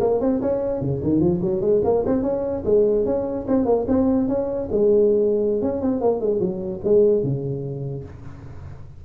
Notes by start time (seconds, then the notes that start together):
0.00 A#3
0.20 C4
0.41 C#4
0.81 C#3
1.03 D#3
1.20 F3
1.41 F#3
1.61 G#3
1.84 A#3
2.06 C4
2.22 C#4
2.65 G#3
3.05 C#4
3.47 C4
3.65 A#3
3.88 C4
4.28 C#4
4.71 G#3
5.62 C#4
5.81 C4
6.01 A#3
6.20 G#3
6.39 F#3
6.84 G#3
7.22 C#3